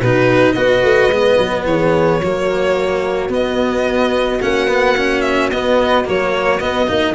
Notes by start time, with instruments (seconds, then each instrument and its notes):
0.00 tuba B2, cello D#4, horn F#4, violin B4
0.52 tuba B3, cello F#4, horn B4, violin D#5
0.83 tuba A3
1.08 tuba G#3, cello B3
1.38 tuba F#3
1.65 tuba E3, horn G#4, violin C#5
2.20 tuba F#3, cello A#3, horn F#4
3.28 tuba B3, cello B3, violin D#5
4.41 tuba A#3, cello C#4, violin F#5
4.67 cello B3
4.97 cello C#4
5.21 violin E5
5.51 tuba B3, cello B3, violin D#5
6.05 tuba F#3, cello A#3, violin C#5
6.60 cello B3, tuba B3, violin D#5
6.87 tuba A#3, cello D#4